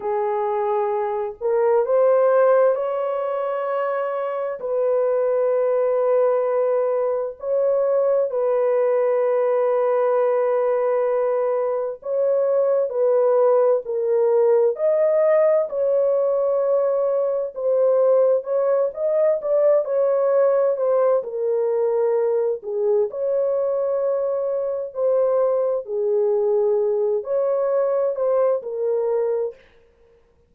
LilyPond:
\new Staff \with { instrumentName = "horn" } { \time 4/4 \tempo 4 = 65 gis'4. ais'8 c''4 cis''4~ | cis''4 b'2. | cis''4 b'2.~ | b'4 cis''4 b'4 ais'4 |
dis''4 cis''2 c''4 | cis''8 dis''8 d''8 cis''4 c''8 ais'4~ | ais'8 gis'8 cis''2 c''4 | gis'4. cis''4 c''8 ais'4 | }